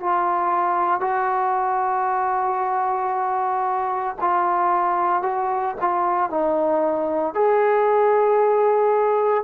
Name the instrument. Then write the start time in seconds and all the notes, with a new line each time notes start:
trombone
0.00 F4
1.00 F#4
4.21 F4
5.22 F#4
5.81 F4
6.30 D#4
7.34 G#4